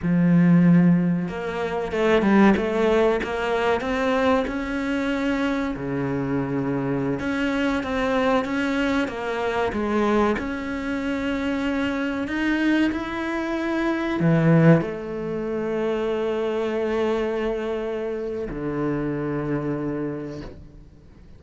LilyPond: \new Staff \with { instrumentName = "cello" } { \time 4/4 \tempo 4 = 94 f2 ais4 a8 g8 | a4 ais4 c'4 cis'4~ | cis'4 cis2~ cis16 cis'8.~ | cis'16 c'4 cis'4 ais4 gis8.~ |
gis16 cis'2. dis'8.~ | dis'16 e'2 e4 a8.~ | a1~ | a4 d2. | }